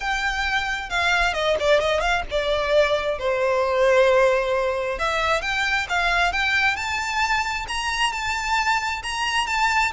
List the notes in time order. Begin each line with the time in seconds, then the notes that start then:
0.00 G5
0.89 F5
1.33 D#5
1.59 D5
1.80 D#5
2.00 F5
2.30 D5
3.18 C5
4.98 E5
5.41 G5
5.89 F5
6.32 G5
6.75 A5
7.68 A#5
8.12 A5
9.02 A#5
9.46 A5